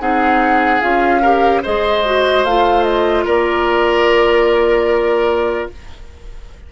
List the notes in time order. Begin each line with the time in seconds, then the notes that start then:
0.00 C4 D#4 G#4 F#5
0.81 C#4 F4 F5
1.22 G4 A#4
1.63 G#3 G#4 C5 D#5
2.05 F#4
2.44 A3 F4 F5
2.84 D#5
3.25 A#3 A#4 D5